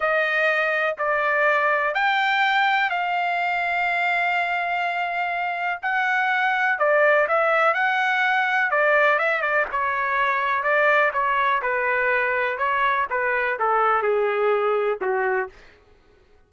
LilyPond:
\new Staff \with { instrumentName = "trumpet" } { \time 4/4 \tempo 4 = 124 dis''2 d''2 | g''2 f''2~ | f''1 | fis''2 d''4 e''4 |
fis''2 d''4 e''8 d''8 | cis''2 d''4 cis''4 | b'2 cis''4 b'4 | a'4 gis'2 fis'4 | }